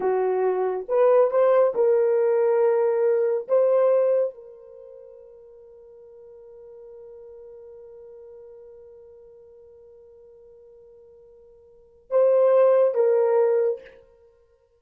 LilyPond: \new Staff \with { instrumentName = "horn" } { \time 4/4 \tempo 4 = 139 fis'2 b'4 c''4 | ais'1 | c''2 ais'2~ | ais'1~ |
ais'1~ | ais'1~ | ais'1 | c''2 ais'2 | }